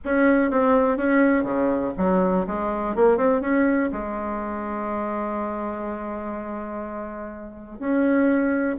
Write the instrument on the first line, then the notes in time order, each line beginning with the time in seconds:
bassoon
0.04 C#4
0.50 C4
0.97 C#4
1.43 C#3
1.97 F#3
2.46 G#3
2.95 A#3
3.17 C4
3.41 C#4
3.92 G#3
7.79 C#4